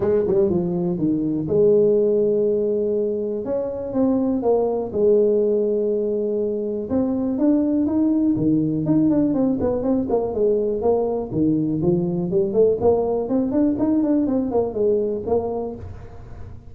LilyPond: \new Staff \with { instrumentName = "tuba" } { \time 4/4 \tempo 4 = 122 gis8 g8 f4 dis4 gis4~ | gis2. cis'4 | c'4 ais4 gis2~ | gis2 c'4 d'4 |
dis'4 dis4 dis'8 d'8 c'8 b8 | c'8 ais8 gis4 ais4 dis4 | f4 g8 a8 ais4 c'8 d'8 | dis'8 d'8 c'8 ais8 gis4 ais4 | }